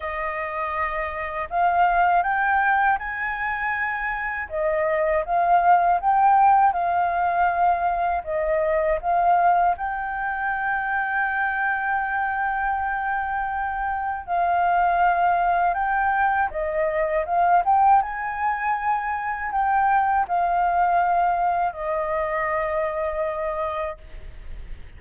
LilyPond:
\new Staff \with { instrumentName = "flute" } { \time 4/4 \tempo 4 = 80 dis''2 f''4 g''4 | gis''2 dis''4 f''4 | g''4 f''2 dis''4 | f''4 g''2.~ |
g''2. f''4~ | f''4 g''4 dis''4 f''8 g''8 | gis''2 g''4 f''4~ | f''4 dis''2. | }